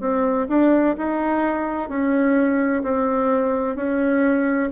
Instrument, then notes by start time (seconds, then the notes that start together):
bassoon
0.00 C4
0.49 D4
0.98 D#4
1.89 C#4
2.83 C4
3.75 C#4